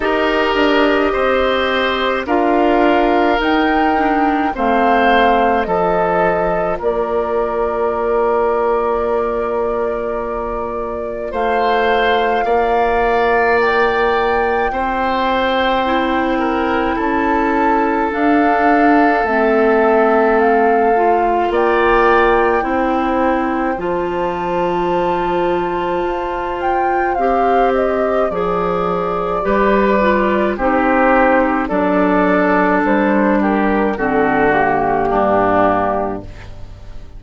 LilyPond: <<
  \new Staff \with { instrumentName = "flute" } { \time 4/4 \tempo 4 = 53 dis''2 f''4 g''4 | f''4 dis''4 d''2~ | d''2 f''2 | g''2. a''4 |
f''4 e''4 f''4 g''4~ | g''4 a''2~ a''8 g''8 | f''8 dis''8 d''2 c''4 | d''4 c''8 ais'8 a'8 g'4. | }
  \new Staff \with { instrumentName = "oboe" } { \time 4/4 ais'4 c''4 ais'2 | c''4 a'4 ais'2~ | ais'2 c''4 d''4~ | d''4 c''4. ais'8 a'4~ |
a'2. d''4 | c''1~ | c''2 b'4 g'4 | a'4. g'8 fis'4 d'4 | }
  \new Staff \with { instrumentName = "clarinet" } { \time 4/4 g'2 f'4 dis'8 d'8 | c'4 f'2.~ | f'1~ | f'2 e'2 |
d'4 c'4. f'4. | e'4 f'2. | g'4 gis'4 g'8 f'8 dis'4 | d'2 c'8 ais4. | }
  \new Staff \with { instrumentName = "bassoon" } { \time 4/4 dis'8 d'8 c'4 d'4 dis'4 | a4 f4 ais2~ | ais2 a4 ais4~ | ais4 c'2 cis'4 |
d'4 a2 ais4 | c'4 f2 f'4 | c'4 f4 g4 c'4 | fis4 g4 d4 g,4 | }
>>